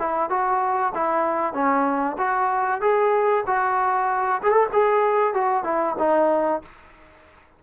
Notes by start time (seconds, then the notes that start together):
0.00 E4
0.30 F#4
0.95 E4
1.54 C#4
2.18 F#4
2.81 G#4
3.47 F#4
4.43 G#4
4.52 A4
4.73 G#4
5.34 F#4
5.64 E4
5.99 D#4